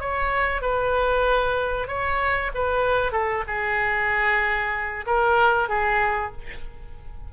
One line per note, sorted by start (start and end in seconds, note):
0.00 0.61 C#5
0.61 1.88 B4
1.88 2.51 C#5
2.55 3.12 B4
3.12 3.44 A4
3.47 5.05 G#4
5.07 5.69 A#4
5.69 6.32 G#4